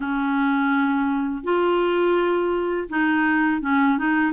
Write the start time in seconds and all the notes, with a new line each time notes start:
0.00 C#4
1.43 F4
2.89 D#4
3.61 C#4
3.98 D#4